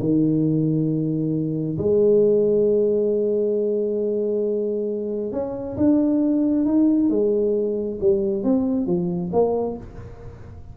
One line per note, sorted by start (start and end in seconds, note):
0.00 1.78 D#3
1.78 5.32 G#3
5.32 5.77 C#4
5.77 6.65 D4
6.65 7.10 D#4
7.10 7.99 G#3
8.01 8.44 G3
8.44 8.87 C4
8.87 9.31 F3
9.33 9.77 A#3